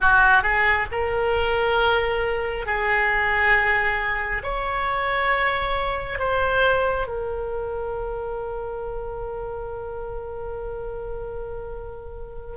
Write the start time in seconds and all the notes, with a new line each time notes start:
0.00 F#4
0.43 G#4
0.91 A#4
2.66 G#4
4.43 C#5
6.18 C5
7.07 A#4